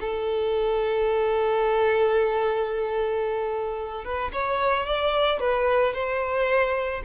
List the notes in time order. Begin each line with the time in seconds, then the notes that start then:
0.00 A4
4.04 B4
4.32 C#5
4.86 D5
5.40 B4
5.94 C5